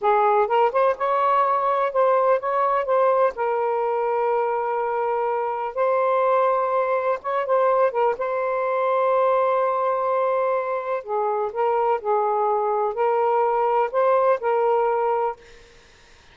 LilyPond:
\new Staff \with { instrumentName = "saxophone" } { \time 4/4 \tempo 4 = 125 gis'4 ais'8 c''8 cis''2 | c''4 cis''4 c''4 ais'4~ | ais'1 | c''2. cis''8 c''8~ |
c''8 ais'8 c''2.~ | c''2. gis'4 | ais'4 gis'2 ais'4~ | ais'4 c''4 ais'2 | }